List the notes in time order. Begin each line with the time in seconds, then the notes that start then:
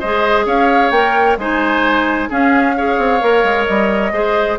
0.00 G#3 G#4 C5 D#5
0.46 C#4 C#5 F5
0.91 A#3 A#4 G5
1.37 G#3 D#4 C5 G#5
2.30 C#4 G#4 F5
2.77 G#4 C#5
2.98 C4
3.20 A#3 A#4
3.44 G#3
3.66 G3 D#5
4.12 G#3 G#4 C5